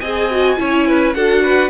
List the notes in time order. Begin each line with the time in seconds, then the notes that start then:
0.00 C4 G#4 D#5 G#5
0.31 F#4
0.57 C#4 E4 C#5
0.87 B4
1.14 D4 F#4 A4 F#5
1.43 B4